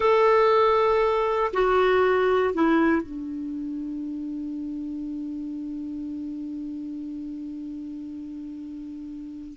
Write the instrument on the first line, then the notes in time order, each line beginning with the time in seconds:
clarinet
0.00 A4
1.53 F#4
2.53 E4
3.02 D4